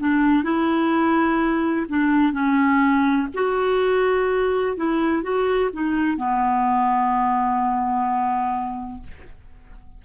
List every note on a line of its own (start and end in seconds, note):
0.00 0.44 D4
0.44 1.87 E4
1.89 2.33 D4
2.33 3.28 C#4
3.35 4.77 F#4
4.77 5.23 E4
5.23 5.71 F#4
5.73 6.17 D#4
6.17 9.03 B3